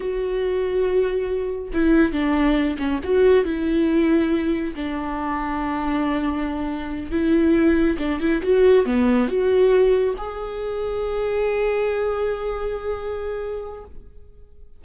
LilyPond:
\new Staff \with { instrumentName = "viola" } { \time 4/4 \tempo 4 = 139 fis'1 | e'4 d'4. cis'8 fis'4 | e'2. d'4~ | d'1~ |
d'8 e'2 d'8 e'8 fis'8~ | fis'8 b4 fis'2 gis'8~ | gis'1~ | gis'1 | }